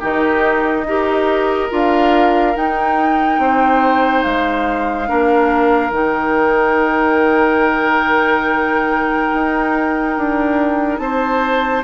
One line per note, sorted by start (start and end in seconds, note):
0.00 0.84 D#3
0.00 0.86 D#4
0.00 0.85 G4
0.00 1.72 D#5
0.84 1.68 D#4
0.84 1.70 G4
0.84 3.41 A#4
1.70 2.56 D4
1.70 2.54 F4
1.70 2.56 F5
2.55 5.07 D#4
2.55 3.39 D#4
2.55 4.23 G5
3.39 4.23 C4
3.39 5.09 C5
4.23 5.10 G#3
4.23 5.92 F5
5.07 5.90 A#3
5.07 5.91 D4
5.07 11.00 A#4
5.90 9.28 D#3
5.90 11.84 D#4
5.90 10.98 G5
9.34 10.17 D#4
10.17 10.99 D4
10.98 11.83 C4
10.98 11.84 C5
10.98 11.83 A5